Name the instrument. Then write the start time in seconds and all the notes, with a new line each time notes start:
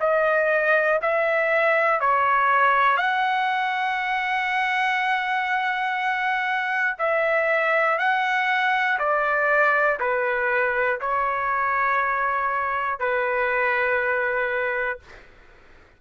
trumpet
0.00 D#5
1.02 E5
2.00 C#5
2.97 F#5
6.99 E5
7.99 F#5
9.00 D5
10.00 B4
11.01 C#5
13.00 B4